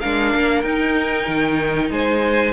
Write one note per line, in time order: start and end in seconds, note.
0.00 0.34 G#3
0.00 0.64 D4
0.00 1.90 A#4
0.00 0.62 F5
0.34 0.64 A#3
0.62 1.27 D#4
0.62 2.53 D#4
0.62 1.88 G5
1.27 1.90 D#3
1.90 2.53 G#3
1.90 2.53 C5
1.90 2.53 G#5